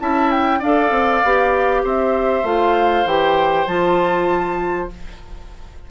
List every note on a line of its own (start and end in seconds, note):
0.00 0.62 C#4
0.00 0.61 E4
0.00 0.60 E5
0.00 0.31 A5
0.31 0.62 G5
0.60 0.91 D4
0.60 1.25 A4
0.60 1.82 D5
0.60 1.85 F5
0.91 1.22 C4
1.24 1.84 B3
1.24 2.45 G4
1.84 2.44 C4
1.84 4.90 C5
1.84 2.47 E5
2.44 3.05 A3
2.44 3.06 F4
2.44 3.08 F5
3.05 3.67 E3
3.05 3.68 G4
3.05 3.67 G5
3.67 4.90 F3
3.67 4.91 F4
3.67 4.90 A5